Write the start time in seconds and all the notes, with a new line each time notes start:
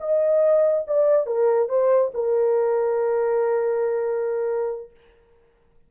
0.00 D#5
0.87 D5
1.26 A#4
1.69 C5
2.14 A#4